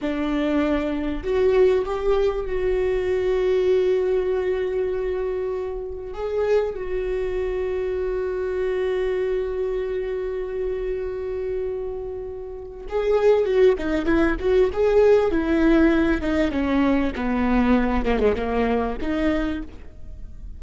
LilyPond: \new Staff \with { instrumentName = "viola" } { \time 4/4 \tempo 4 = 98 d'2 fis'4 g'4 | fis'1~ | fis'2 gis'4 fis'4~ | fis'1~ |
fis'1~ | fis'4 gis'4 fis'8 dis'8 e'8 fis'8 | gis'4 e'4. dis'8 cis'4 | b4. ais16 gis16 ais4 dis'4 | }